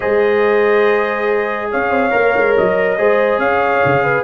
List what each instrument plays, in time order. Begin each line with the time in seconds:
0.00 tuba G#3, trombone G#4, horn C5, trumpet D#5
1.70 tuba C#4, horn C#5, trumpet F5
1.90 tuba C4
2.10 tuba A#3, trombone A#4
2.36 tuba G#3
2.57 tuba F#3, trumpet D#5
2.98 tuba G#3, trombone G#4, horn C5
3.38 tuba C#4, horn C#5, trumpet F5
3.85 tuba C#3
4.03 horn B4